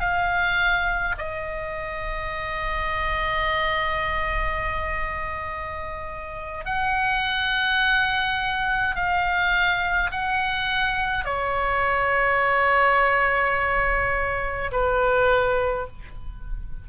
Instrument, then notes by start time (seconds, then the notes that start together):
oboe
0.00 F5
1.18 D#5
6.65 F#5
8.95 F5
10.11 F#5
11.25 C#5
14.71 B4